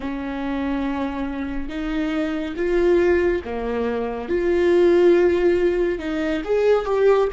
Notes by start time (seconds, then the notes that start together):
0.00 C#4
1.68 D#4
2.56 F4
3.44 A#3
4.29 F4
5.98 D#4
6.44 G#4
6.85 G4